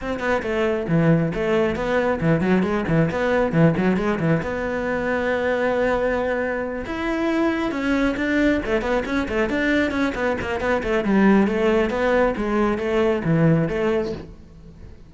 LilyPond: \new Staff \with { instrumentName = "cello" } { \time 4/4 \tempo 4 = 136 c'8 b8 a4 e4 a4 | b4 e8 fis8 gis8 e8 b4 | e8 fis8 gis8 e8 b2~ | b2.~ b8 e'8~ |
e'4. cis'4 d'4 a8 | b8 cis'8 a8 d'4 cis'8 b8 ais8 | b8 a8 g4 a4 b4 | gis4 a4 e4 a4 | }